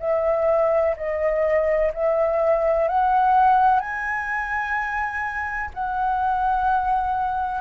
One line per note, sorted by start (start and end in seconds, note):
0.00 0.95 E5
0.97 1.92 D#5
1.94 2.88 E5
2.88 3.80 F#5
3.80 5.70 G#5
5.74 7.61 F#5